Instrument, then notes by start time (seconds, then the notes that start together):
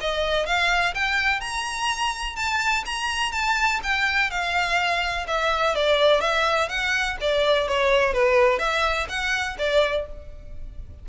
violin
0.00 D#5
0.46 F5
0.94 G5
1.40 A#5
2.36 A5
2.85 A#5
3.32 A5
3.83 G5
4.30 F5
5.27 E5
5.75 D5
6.21 E5
6.68 F#5
7.20 D5
7.68 C#5
8.13 B4
8.59 E5
9.08 F#5
9.58 D5